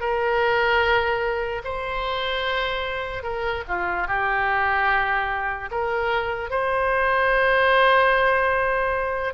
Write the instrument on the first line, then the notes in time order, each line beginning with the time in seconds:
oboe
0.00 A#4
1.64 C5
3.23 A#4
3.68 F4
4.07 G4
5.71 A#4
6.50 C5